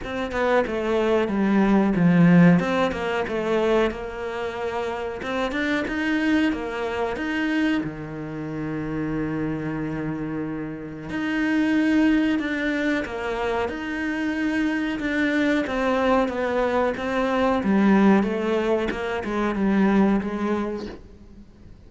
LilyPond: \new Staff \with { instrumentName = "cello" } { \time 4/4 \tempo 4 = 92 c'8 b8 a4 g4 f4 | c'8 ais8 a4 ais2 | c'8 d'8 dis'4 ais4 dis'4 | dis1~ |
dis4 dis'2 d'4 | ais4 dis'2 d'4 | c'4 b4 c'4 g4 | a4 ais8 gis8 g4 gis4 | }